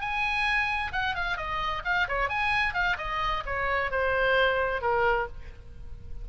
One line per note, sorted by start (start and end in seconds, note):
0.00 0.92 G#5
0.92 1.15 F#5
1.15 1.37 F5
1.37 1.82 D#5
1.84 2.07 F5
2.08 2.29 C#5
2.29 2.74 G#5
2.74 2.96 F5
2.97 3.43 D#5
3.46 3.91 C#5
3.91 4.81 C5
4.81 5.27 A#4